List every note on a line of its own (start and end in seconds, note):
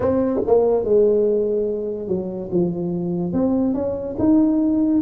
0.00 0.40 C4
0.47 0.84 A#3
0.84 2.08 G#3
2.08 2.49 F#3
2.51 3.32 F3
3.32 3.74 C4
3.74 4.16 C#4
4.18 5.02 D#4